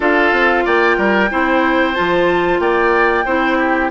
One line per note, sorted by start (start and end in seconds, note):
0.00 0.32 D4
0.00 1.28 F4
0.00 0.64 A4
0.00 0.66 F5
0.32 0.64 C4
0.64 0.97 A#3
0.64 0.97 D5
0.64 1.94 G5
0.97 1.30 G3
0.97 1.30 A#4
1.30 1.97 C4
1.30 1.94 E4
1.30 2.60 C5
1.94 2.59 F3
1.94 3.24 F4
1.94 2.59 A5
2.59 3.24 A#3
2.59 3.25 D5
2.59 3.90 G5
3.25 3.90 C4
3.25 3.91 E4
3.25 3.57 C5
3.58 3.90 G4